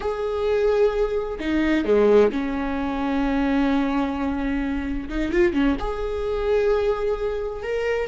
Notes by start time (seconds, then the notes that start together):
0.00 G#4
1.39 D#4
1.85 G#3
2.31 C#4
5.09 D#4
5.31 F4
5.53 C#4
5.79 G#4
7.62 A#4